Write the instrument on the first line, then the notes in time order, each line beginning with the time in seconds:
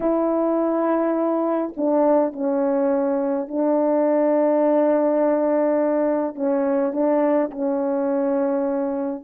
horn
0.00 E4
1.76 D4
2.32 C#4
3.47 D4
6.35 C#4
6.92 D4
7.50 C#4